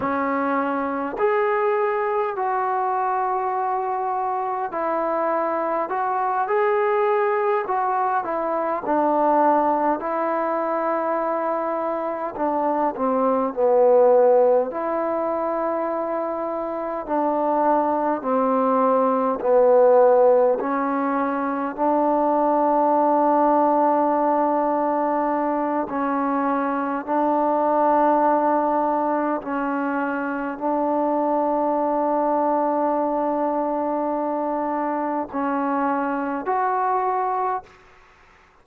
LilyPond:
\new Staff \with { instrumentName = "trombone" } { \time 4/4 \tempo 4 = 51 cis'4 gis'4 fis'2 | e'4 fis'8 gis'4 fis'8 e'8 d'8~ | d'8 e'2 d'8 c'8 b8~ | b8 e'2 d'4 c'8~ |
c'8 b4 cis'4 d'4.~ | d'2 cis'4 d'4~ | d'4 cis'4 d'2~ | d'2 cis'4 fis'4 | }